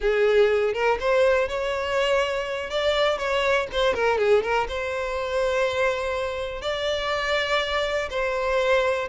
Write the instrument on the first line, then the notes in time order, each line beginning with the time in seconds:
violin
0.00 G#4
0.73 A#4
1.00 C5
1.48 C#5
2.70 D5
3.18 C#5
3.72 C5
3.94 A#4
4.18 G#4
4.42 A#4
4.68 C5
6.61 D5
8.10 C5